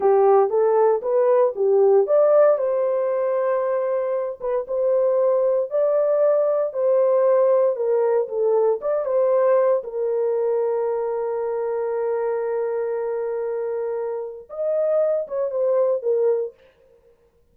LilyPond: \new Staff \with { instrumentName = "horn" } { \time 4/4 \tempo 4 = 116 g'4 a'4 b'4 g'4 | d''4 c''2.~ | c''8 b'8 c''2 d''4~ | d''4 c''2 ais'4 |
a'4 d''8 c''4. ais'4~ | ais'1~ | ais'1 | dis''4. cis''8 c''4 ais'4 | }